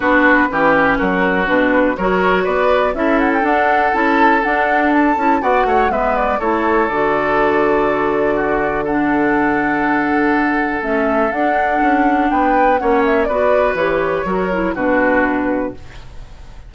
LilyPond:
<<
  \new Staff \with { instrumentName = "flute" } { \time 4/4 \tempo 4 = 122 b'2 ais'4 b'4 | cis''4 d''4 e''8 fis''16 g''16 fis''4 | a''4 fis''4 a''4 fis''4 | e''8 d''8 cis''4 d''2~ |
d''2 fis''2~ | fis''2 e''4 fis''4~ | fis''4 g''4 fis''8 e''8 d''4 | cis''2 b'2 | }
  \new Staff \with { instrumentName = "oboe" } { \time 4/4 fis'4 g'4 fis'2 | ais'4 b'4 a'2~ | a'2. d''8 cis''8 | b'4 a'2.~ |
a'4 fis'4 a'2~ | a'1~ | a'4 b'4 cis''4 b'4~ | b'4 ais'4 fis'2 | }
  \new Staff \with { instrumentName = "clarinet" } { \time 4/4 d'4 cis'2 d'4 | fis'2 e'4 d'4 | e'4 d'4. e'8 fis'4 | b4 e'4 fis'2~ |
fis'2 d'2~ | d'2 cis'4 d'4~ | d'2 cis'4 fis'4 | g'4 fis'8 e'8 d'2 | }
  \new Staff \with { instrumentName = "bassoon" } { \time 4/4 b4 e4 fis4 b,4 | fis4 b4 cis'4 d'4 | cis'4 d'4. cis'8 b8 a8 | gis4 a4 d2~ |
d1~ | d2 a4 d'4 | cis'4 b4 ais4 b4 | e4 fis4 b,2 | }
>>